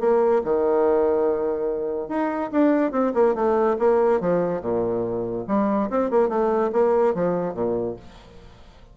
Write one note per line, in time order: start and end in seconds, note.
0.00 0.42 A#3
0.44 2.08 D#3
2.08 2.50 D#4
2.52 2.92 D4
2.92 3.13 C4
3.14 3.35 A#3
3.35 3.77 A3
3.79 4.20 A#3
4.20 4.61 F3
4.61 5.45 A#2
5.48 5.90 G3
5.90 6.10 C4
6.10 6.29 A#3
6.29 6.71 A3
6.72 7.14 A#3
7.14 7.54 F3
7.54 7.96 A#2